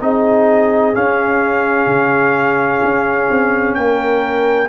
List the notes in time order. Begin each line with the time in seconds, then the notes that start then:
0.00 C4 D#4 G#4 D#5
0.93 C#4 F5
1.86 C#3
2.83 C#4
3.30 C4
3.74 A#3 A#4 G5